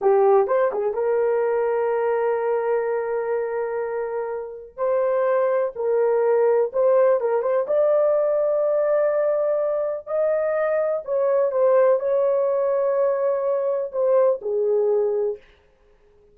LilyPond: \new Staff \with { instrumentName = "horn" } { \time 4/4 \tempo 4 = 125 g'4 c''8 gis'8 ais'2~ | ais'1~ | ais'2 c''2 | ais'2 c''4 ais'8 c''8 |
d''1~ | d''4 dis''2 cis''4 | c''4 cis''2.~ | cis''4 c''4 gis'2 | }